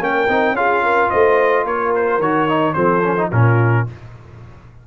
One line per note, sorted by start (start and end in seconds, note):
0.00 0.28 A#3
0.00 0.28 C#4
0.00 0.56 A#4
0.00 0.56 G5
0.29 0.52 C4
0.29 0.56 D#4
0.52 1.07 C#4
0.52 2.21 F4
0.52 0.83 G#4
0.52 1.11 F5
0.83 1.11 A#4
1.11 1.65 A3
1.11 1.65 C5
1.11 1.66 D#5
1.65 2.19 A#3
1.65 2.75 A#4
1.65 1.94 C#5
1.96 2.21 C5
2.19 2.74 D#3
2.19 2.49 F#4
2.19 2.74 C#5
2.49 2.75 D#4
2.74 3.32 F3
2.74 3.03 C4
2.74 3.30 A4
2.74 3.29 C5
3.03 3.17 C#4
3.18 3.32 D#4
3.30 3.87 A#2
3.30 3.87 C#4
3.30 3.85 F4
3.30 3.87 A#4